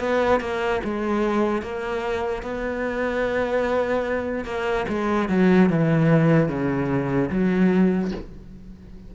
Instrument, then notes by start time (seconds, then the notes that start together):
cello
0.00 B3
0.41 A#3
0.84 G#3
1.62 A#3
2.43 B3
4.45 A#3
4.89 G#3
5.29 F#3
5.70 E3
6.49 C#3
7.30 F#3